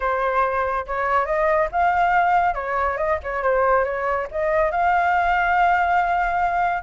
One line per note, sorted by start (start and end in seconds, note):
0.00 0.86 C5
0.86 1.25 C#5
1.25 1.68 D#5
1.71 2.54 F5
2.54 2.97 C#5
2.97 3.18 D#5
3.23 3.42 C#5
3.42 3.84 C5
3.84 4.27 C#5
4.31 4.71 D#5
4.71 6.82 F5